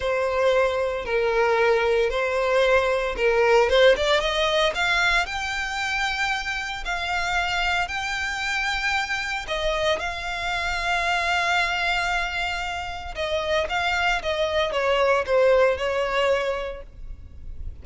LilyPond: \new Staff \with { instrumentName = "violin" } { \time 4/4 \tempo 4 = 114 c''2 ais'2 | c''2 ais'4 c''8 d''8 | dis''4 f''4 g''2~ | g''4 f''2 g''4~ |
g''2 dis''4 f''4~ | f''1~ | f''4 dis''4 f''4 dis''4 | cis''4 c''4 cis''2 | }